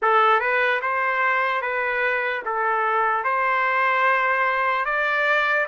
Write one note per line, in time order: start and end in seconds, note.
0.02 0.39 A4
0.39 0.80 B4
0.81 1.61 C5
1.61 2.43 B4
2.45 3.24 A4
3.24 4.85 C5
4.85 5.66 D5